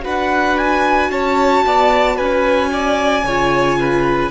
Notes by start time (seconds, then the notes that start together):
0.00 D4 F#4 B4 F#5
0.58 G#5
1.11 C#4 C#5 A5
1.66 B3 D5
2.16 C#4 B4 G#5
2.73 D5
3.24 C#3 F4 C#5
3.80 B4